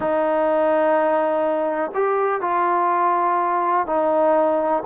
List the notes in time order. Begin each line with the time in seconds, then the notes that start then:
0.00 D#4
1.94 G4
2.41 F4
3.86 D#4